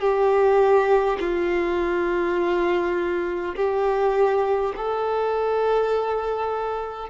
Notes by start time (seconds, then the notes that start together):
0.00 G4
1.20 F4
3.56 G4
4.76 A4